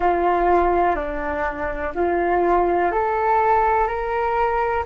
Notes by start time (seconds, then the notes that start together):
0.00 F4
0.95 D4
1.94 F4
2.91 A4
3.87 A#4